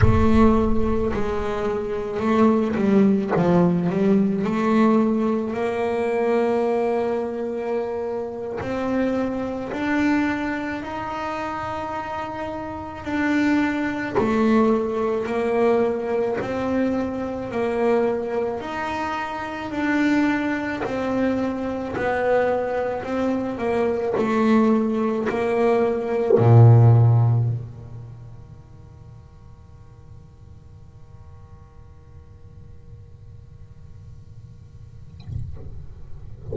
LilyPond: \new Staff \with { instrumentName = "double bass" } { \time 4/4 \tempo 4 = 54 a4 gis4 a8 g8 f8 g8 | a4 ais2~ ais8. c'16~ | c'8. d'4 dis'2 d'16~ | d'8. a4 ais4 c'4 ais16~ |
ais8. dis'4 d'4 c'4 b16~ | b8. c'8 ais8 a4 ais4 ais,16~ | ais,8. dis2.~ dis16~ | dis1 | }